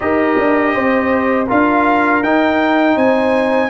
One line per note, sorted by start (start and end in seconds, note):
0.00 0.37 D#4
0.00 1.46 G4
0.00 0.74 A#4
0.00 1.47 D#5
0.38 0.75 D4
0.74 1.49 C4
0.74 1.47 C5
1.47 2.23 D4
1.47 2.22 F4
1.47 2.95 A#4
1.47 2.23 F5
2.23 2.96 D#4
2.23 3.70 D#4
2.23 2.97 G5
2.95 3.70 C4
2.95 3.69 C5
2.95 3.70 G#5